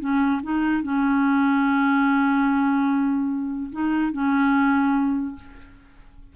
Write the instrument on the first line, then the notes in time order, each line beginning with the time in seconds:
clarinet
0.00 C#4
0.43 D#4
0.83 C#4
3.72 D#4
4.12 C#4